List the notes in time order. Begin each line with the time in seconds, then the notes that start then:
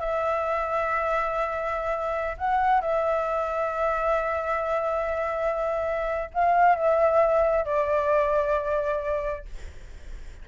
0.00 E5
2.38 F#5
2.81 E5
6.34 F5
6.76 E5
7.65 D5